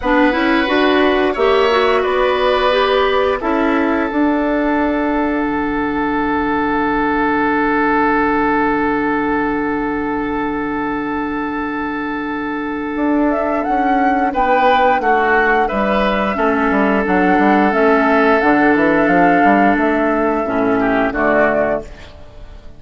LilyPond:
<<
  \new Staff \with { instrumentName = "flute" } { \time 4/4 \tempo 4 = 88 fis''2 e''4 d''4~ | d''4 e''4 fis''2~ | fis''1~ | fis''1~ |
fis''2.~ fis''8 e''8 | fis''4 g''4 fis''4 e''4~ | e''4 fis''4 e''4 fis''8 e''8 | f''4 e''2 d''4 | }
  \new Staff \with { instrumentName = "oboe" } { \time 4/4 b'2 cis''4 b'4~ | b'4 a'2.~ | a'1~ | a'1~ |
a'1~ | a'4 b'4 fis'4 b'4 | a'1~ | a'2~ a'8 g'8 fis'4 | }
  \new Staff \with { instrumentName = "clarinet" } { \time 4/4 d'8 e'8 fis'4 g'8 fis'4. | g'4 e'4 d'2~ | d'1~ | d'1~ |
d'1~ | d'1 | cis'4 d'4 cis'4 d'4~ | d'2 cis'4 a4 | }
  \new Staff \with { instrumentName = "bassoon" } { \time 4/4 b8 cis'8 d'4 ais4 b4~ | b4 cis'4 d'2 | d1~ | d1~ |
d2. d'4 | cis'4 b4 a4 g4 | a8 g8 fis8 g8 a4 d8 e8 | f8 g8 a4 a,4 d4 | }
>>